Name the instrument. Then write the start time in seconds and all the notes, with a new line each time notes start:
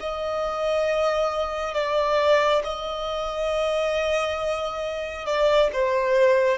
violin
0.00 D#5
1.74 D5
2.64 D#5
5.26 D5
5.73 C5